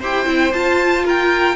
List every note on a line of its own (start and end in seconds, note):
0.00 0.27 E4
0.00 0.26 G4
0.00 1.04 C5
0.00 0.53 G5
0.26 0.53 C4
0.26 0.52 E4
0.53 1.56 F4
0.53 1.05 A5
1.05 1.56 A#4
1.05 1.56 G5